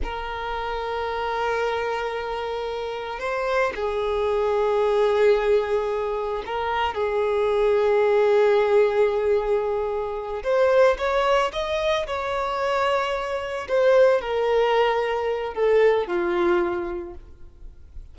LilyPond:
\new Staff \with { instrumentName = "violin" } { \time 4/4 \tempo 4 = 112 ais'1~ | ais'2 c''4 gis'4~ | gis'1 | ais'4 gis'2.~ |
gis'2.~ gis'8 c''8~ | c''8 cis''4 dis''4 cis''4.~ | cis''4. c''4 ais'4.~ | ais'4 a'4 f'2 | }